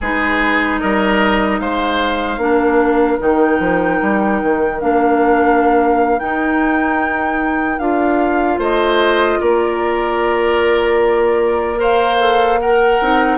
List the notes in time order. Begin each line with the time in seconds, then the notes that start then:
0.01 G#3 D#4 G#4 B4
0.79 G3 A#4 D#5
1.59 G#3 C5 F5
2.37 A#3 D4 A#4
3.19 D#3 D#4 G5
3.59 F3
4.01 G3
4.42 D#3
4.79 A#3 D4 F5
6.19 D#4 G5
7.78 D4 F4 F5
8.58 A3 C5 D#5
9.40 A#3 A#4 D5
11.76 A#4 C5 F5
12.19 A4
12.60 A#4 F#5
13.00 C4 D#4